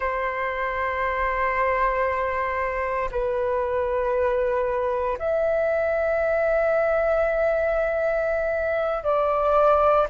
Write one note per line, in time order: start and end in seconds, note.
0.00 3.09 C5
3.11 5.18 B4
5.19 9.03 E5
9.03 10.07 D5